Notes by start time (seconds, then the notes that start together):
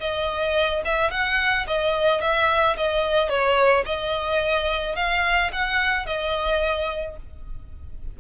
0.00 D#5
0.85 E5
1.11 F#5
1.67 D#5
2.22 E5
2.77 D#5
3.30 C#5
3.86 D#5
4.96 F5
5.53 F#5
6.06 D#5